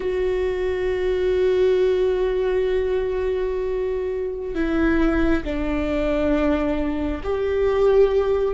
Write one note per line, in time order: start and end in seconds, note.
0.00 4.54 F#4
4.54 5.43 E4
5.44 7.21 D4
7.23 8.54 G4